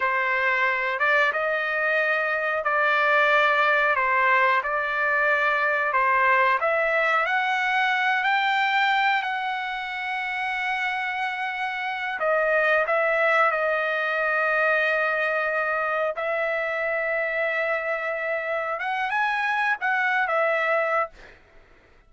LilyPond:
\new Staff \with { instrumentName = "trumpet" } { \time 4/4 \tempo 4 = 91 c''4. d''8 dis''2 | d''2 c''4 d''4~ | d''4 c''4 e''4 fis''4~ | fis''8 g''4. fis''2~ |
fis''2~ fis''8 dis''4 e''8~ | e''8 dis''2.~ dis''8~ | dis''8 e''2.~ e''8~ | e''8 fis''8 gis''4 fis''8. e''4~ e''16 | }